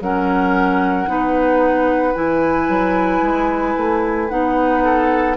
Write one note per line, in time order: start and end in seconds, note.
0.00 1.06 F#3
0.00 1.06 C#4
0.00 1.10 A#4
0.00 2.15 F#5
1.06 2.14 B3
1.06 2.13 D#4
1.06 4.83 B4
2.14 2.68 E3
2.14 4.28 E4
2.14 4.29 G#5
2.68 3.21 F#3
3.21 3.75 G#3
3.77 4.30 A3
4.29 5.37 B3
4.29 5.36 D#4
4.29 5.36 F#5
4.83 5.37 A4